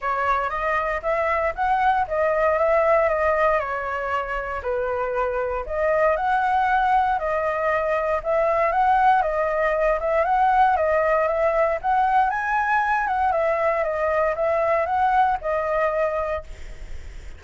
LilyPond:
\new Staff \with { instrumentName = "flute" } { \time 4/4 \tempo 4 = 117 cis''4 dis''4 e''4 fis''4 | dis''4 e''4 dis''4 cis''4~ | cis''4 b'2 dis''4 | fis''2 dis''2 |
e''4 fis''4 dis''4. e''8 | fis''4 dis''4 e''4 fis''4 | gis''4. fis''8 e''4 dis''4 | e''4 fis''4 dis''2 | }